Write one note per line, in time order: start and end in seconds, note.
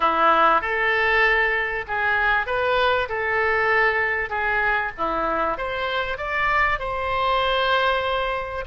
0.00 0.61 E4
0.61 1.85 A4
1.87 2.46 G#4
2.46 3.08 B4
3.08 4.29 A4
4.29 4.91 G#4
4.97 5.57 E4
5.57 6.17 C5
6.17 6.79 D5
6.79 8.64 C5